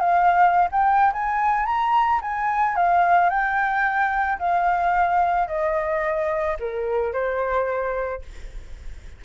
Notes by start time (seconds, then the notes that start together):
0.00 F5
0.71 G5
1.13 G#5
1.66 A#5
2.21 G#5
2.76 F5
3.29 G5
4.39 F5
5.47 D#5
6.59 A#4
7.13 C5